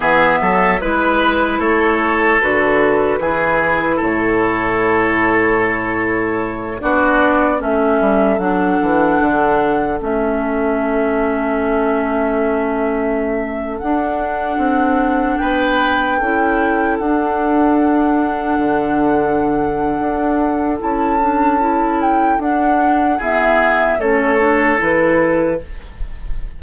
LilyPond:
<<
  \new Staff \with { instrumentName = "flute" } { \time 4/4 \tempo 4 = 75 e''4 b'4 cis''4 b'4~ | b'4 cis''2.~ | cis''8 d''4 e''4 fis''4.~ | fis''8 e''2.~ e''8~ |
e''4~ e''16 fis''2 g''8.~ | g''4~ g''16 fis''2~ fis''8.~ | fis''2 a''4. g''8 | fis''4 e''4 cis''4 b'4 | }
  \new Staff \with { instrumentName = "oboe" } { \time 4/4 gis'8 a'8 b'4 a'2 | gis'4 a'2.~ | a'8 fis'4 a'2~ a'8~ | a'1~ |
a'2.~ a'16 b'8.~ | b'16 a'2.~ a'8.~ | a'1~ | a'4 gis'4 a'2 | }
  \new Staff \with { instrumentName = "clarinet" } { \time 4/4 b4 e'2 fis'4 | e'1~ | e'8 d'4 cis'4 d'4.~ | d'8 cis'2.~ cis'8~ |
cis'4~ cis'16 d'2~ d'8.~ | d'16 e'4 d'2~ d'8.~ | d'2 e'8 d'8 e'4 | d'4 b4 cis'8 d'8 e'4 | }
  \new Staff \with { instrumentName = "bassoon" } { \time 4/4 e8 fis8 gis4 a4 d4 | e4 a,2.~ | a,8 b4 a8 g8 fis8 e8 d8~ | d8 a2.~ a8~ |
a4~ a16 d'4 c'4 b8.~ | b16 cis'4 d'2 d8.~ | d4 d'4 cis'2 | d'4 e'4 a4 e4 | }
>>